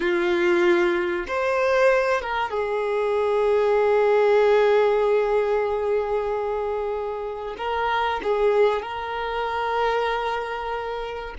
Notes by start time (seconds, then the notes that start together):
0.00 F4
1.27 C5
2.21 A#4
2.50 G#4
7.57 A#4
8.23 G#4
8.81 A#4